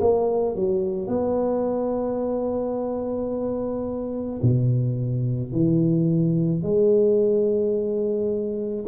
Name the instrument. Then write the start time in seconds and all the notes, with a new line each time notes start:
tuba
0.00 A#3
0.55 F#3
1.07 B3
4.42 B2
5.52 E3
6.62 G#3